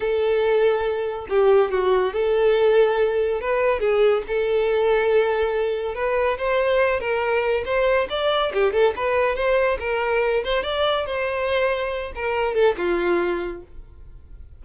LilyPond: \new Staff \with { instrumentName = "violin" } { \time 4/4 \tempo 4 = 141 a'2. g'4 | fis'4 a'2. | b'4 gis'4 a'2~ | a'2 b'4 c''4~ |
c''8 ais'4. c''4 d''4 | g'8 a'8 b'4 c''4 ais'4~ | ais'8 c''8 d''4 c''2~ | c''8 ais'4 a'8 f'2 | }